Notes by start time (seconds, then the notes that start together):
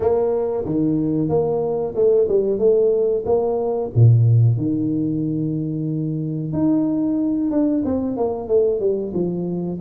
0.00 A#3
0.65 D#3
1.28 A#3
1.95 A3
2.28 G3
2.58 A3
3.25 A#3
3.95 A#2
4.57 D#3
6.52 D#4
7.50 D4
7.84 C4
8.16 A#3
8.48 A3
8.80 G3
9.13 F3